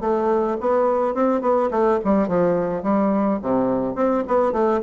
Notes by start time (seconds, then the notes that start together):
0.00 A3
0.60 B3
1.14 C4
1.41 B3
1.71 A3
2.04 G3
2.28 F3
2.83 G3
3.41 C3
3.95 C4
4.27 B3
4.52 A3